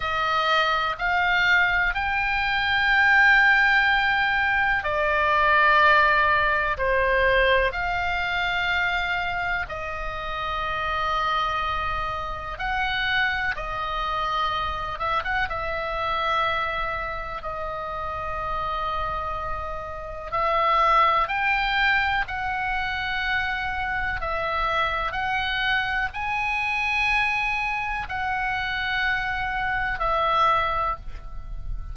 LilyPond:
\new Staff \with { instrumentName = "oboe" } { \time 4/4 \tempo 4 = 62 dis''4 f''4 g''2~ | g''4 d''2 c''4 | f''2 dis''2~ | dis''4 fis''4 dis''4. e''16 fis''16 |
e''2 dis''2~ | dis''4 e''4 g''4 fis''4~ | fis''4 e''4 fis''4 gis''4~ | gis''4 fis''2 e''4 | }